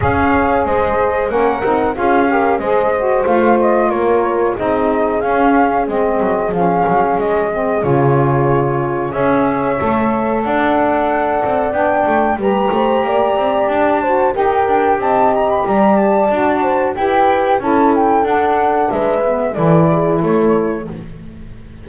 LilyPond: <<
  \new Staff \with { instrumentName = "flute" } { \time 4/4 \tempo 4 = 92 f''4 dis''4 fis''4 f''4 | dis''4 f''8 dis''8 cis''4 dis''4 | f''4 dis''4 f''4 dis''4 | cis''2 e''2 |
fis''2 g''4 ais''4~ | ais''4 a''4 g''4 a''8 ais''16 b''16 | ais''8 a''4. g''4 a''8 g''8 | fis''4 e''4 d''4 cis''4 | }
  \new Staff \with { instrumentName = "horn" } { \time 4/4 cis''4 c''4 ais'4 gis'8 ais'8 | c''2 ais'4 gis'4~ | gis'1~ | gis'2 cis''2 |
d''2. b'8 c''8 | d''4. c''8 ais'4 dis''4 | d''4. c''8 b'4 a'4~ | a'4 b'4 a'8 gis'8 a'4 | }
  \new Staff \with { instrumentName = "saxophone" } { \time 4/4 gis'2 cis'8 dis'8 f'8 g'8 | gis'8 fis'8 f'2 dis'4 | cis'4 c'4 cis'4. c'8 | f'2 gis'4 a'4~ |
a'2 d'4 g'4~ | g'4. fis'8 g'2~ | g'4 fis'4 g'4 e'4 | d'4. b8 e'2 | }
  \new Staff \with { instrumentName = "double bass" } { \time 4/4 cis'4 gis4 ais8 c'8 cis'4 | gis4 a4 ais4 c'4 | cis'4 gis8 fis8 f8 fis8 gis4 | cis2 cis'4 a4 |
d'4. c'8 b8 a8 g8 a8 | ais8 c'8 d'4 dis'8 d'8 c'4 | g4 d'4 e'4 cis'4 | d'4 gis4 e4 a4 | }
>>